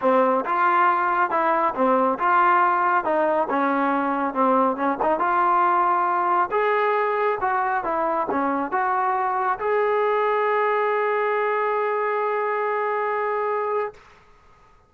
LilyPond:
\new Staff \with { instrumentName = "trombone" } { \time 4/4 \tempo 4 = 138 c'4 f'2 e'4 | c'4 f'2 dis'4 | cis'2 c'4 cis'8 dis'8 | f'2. gis'4~ |
gis'4 fis'4 e'4 cis'4 | fis'2 gis'2~ | gis'1~ | gis'1 | }